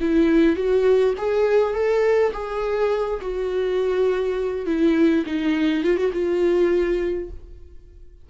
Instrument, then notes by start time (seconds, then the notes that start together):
viola
0.00 E4
0.56 F#4
1.17 G#4
1.73 A4
2.32 G#4
3.21 F#4
4.66 E4
5.26 D#4
5.83 F4
5.96 F#4
6.13 F4